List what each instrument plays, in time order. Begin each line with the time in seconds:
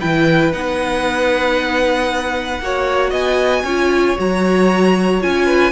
0.00 cello E3, viola E4, violin B4 G5
0.52 cello B3, viola D#4, violin F#5
2.59 cello A#3, viola F#4, violin C#5
3.10 cello B3, violin D#5 G#5
3.63 cello C#4, viola F4, violin C#5
4.16 cello F#3, viola F#4, violin A#5
5.20 cello C#4, viola F4, violin G#5
5.46 violin B4